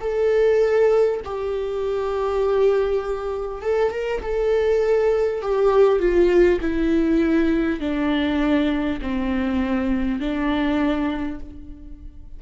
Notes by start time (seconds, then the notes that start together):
0.00 A4
1.24 G4
3.61 A4
3.91 A#4
4.22 A4
5.41 G4
5.99 F4
6.61 E4
7.79 D4
9.01 C4
10.19 D4